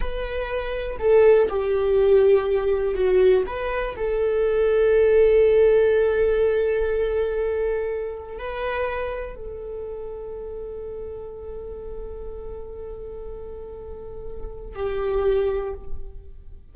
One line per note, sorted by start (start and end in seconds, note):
0.00 0.97 B4
0.99 1.48 A4
1.49 2.94 G4
2.94 3.43 F#4
3.46 3.95 B4
3.96 8.38 A4
8.38 9.35 B4
9.35 14.75 A4
14.75 15.73 G4